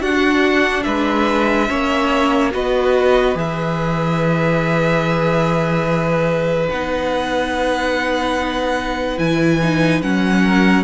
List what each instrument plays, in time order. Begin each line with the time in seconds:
0.00 cello D4, viola D4, violin F#4 F#5
0.83 cello G#3, violin B4 E5
1.68 cello A#3, viola C#4, violin C#5
2.51 cello B3, viola F#4, violin B4 D#5
3.35 cello E3, viola G#4, violin E5
6.69 cello B3, viola D#4, violin F#5
9.18 cello E3, viola E4, violin G#5
9.62 viola D#4
10.02 cello F#3, viola C#4, violin F#5
10.43 violin A#4